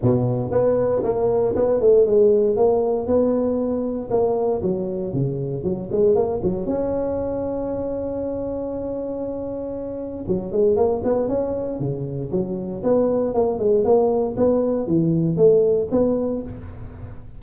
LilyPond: \new Staff \with { instrumentName = "tuba" } { \time 4/4 \tempo 4 = 117 b,4 b4 ais4 b8 a8 | gis4 ais4 b2 | ais4 fis4 cis4 fis8 gis8 | ais8 fis8 cis'2.~ |
cis'1 | fis8 gis8 ais8 b8 cis'4 cis4 | fis4 b4 ais8 gis8 ais4 | b4 e4 a4 b4 | }